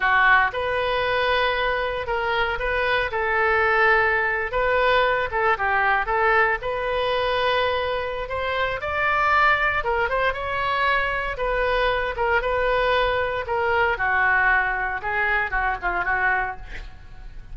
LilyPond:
\new Staff \with { instrumentName = "oboe" } { \time 4/4 \tempo 4 = 116 fis'4 b'2. | ais'4 b'4 a'2~ | a'8. b'4. a'8 g'4 a'16~ | a'8. b'2.~ b'16 |
c''4 d''2 ais'8 c''8 | cis''2 b'4. ais'8 | b'2 ais'4 fis'4~ | fis'4 gis'4 fis'8 f'8 fis'4 | }